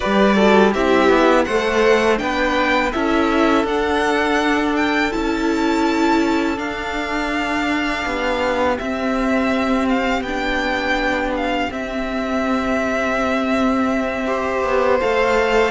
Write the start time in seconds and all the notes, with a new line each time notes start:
0.00 G3 G4 B4 D5
0.35 F#4 A4
0.71 C4 E4 G4 E5
1.09 B3
1.44 A3 A4 C5 F#5
2.16 B3 D4 B4 G5
2.92 C#4 E4 A4 E5
3.64 D4 F#5
4.76 G5
5.12 C#4 E4 A5
6.56 D4 F5
8.05 B3 G4
8.78 C4 E5
9.88 F5
10.21 B3 D4 G5
11.36 F5
11.69 C4 E5
14.25 G4 C5
14.63 B3
15.00 A3 A4 F5